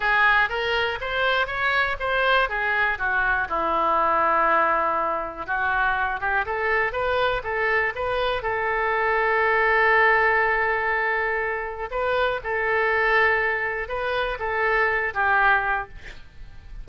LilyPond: \new Staff \with { instrumentName = "oboe" } { \time 4/4 \tempo 4 = 121 gis'4 ais'4 c''4 cis''4 | c''4 gis'4 fis'4 e'4~ | e'2. fis'4~ | fis'8 g'8 a'4 b'4 a'4 |
b'4 a'2.~ | a'1 | b'4 a'2. | b'4 a'4. g'4. | }